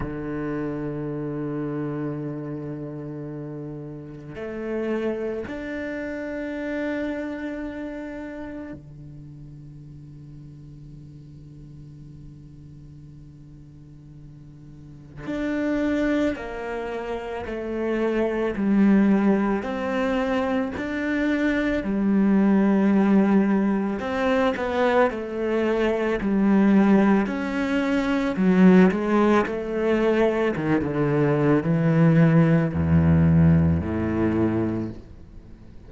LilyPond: \new Staff \with { instrumentName = "cello" } { \time 4/4 \tempo 4 = 55 d1 | a4 d'2. | d1~ | d2 d'4 ais4 |
a4 g4 c'4 d'4 | g2 c'8 b8 a4 | g4 cis'4 fis8 gis8 a4 | dis16 d8. e4 e,4 a,4 | }